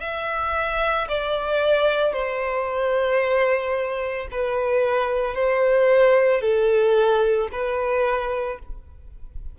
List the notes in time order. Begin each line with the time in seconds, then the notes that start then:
0.00 E5
1.08 D5
2.13 C5
4.31 B4
5.34 C5
6.41 A4
7.51 B4